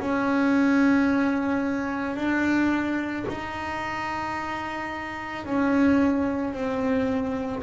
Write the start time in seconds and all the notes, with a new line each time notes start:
0.00 C#4
2.16 D4
3.29 D#4
5.45 C#4
6.53 C4